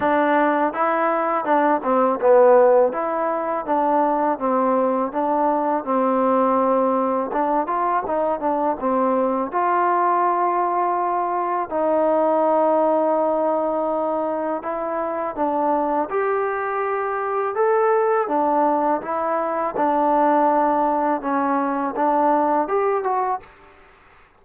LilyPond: \new Staff \with { instrumentName = "trombone" } { \time 4/4 \tempo 4 = 82 d'4 e'4 d'8 c'8 b4 | e'4 d'4 c'4 d'4 | c'2 d'8 f'8 dis'8 d'8 | c'4 f'2. |
dis'1 | e'4 d'4 g'2 | a'4 d'4 e'4 d'4~ | d'4 cis'4 d'4 g'8 fis'8 | }